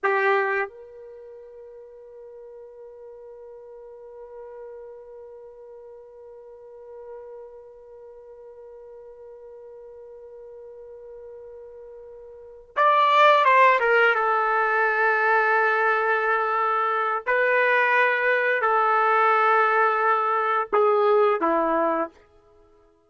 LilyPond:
\new Staff \with { instrumentName = "trumpet" } { \time 4/4 \tempo 4 = 87 g'4 ais'2.~ | ais'1~ | ais'1~ | ais'1~ |
ais'2~ ais'8 d''4 c''8 | ais'8 a'2.~ a'8~ | a'4 b'2 a'4~ | a'2 gis'4 e'4 | }